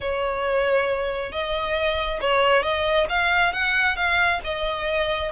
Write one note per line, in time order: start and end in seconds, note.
0.01 1.31 C#5
1.31 2.20 D#5
2.21 2.62 C#5
2.62 3.07 D#5
3.09 3.52 F5
3.52 3.96 F#5
3.96 4.40 F5
4.44 5.31 D#5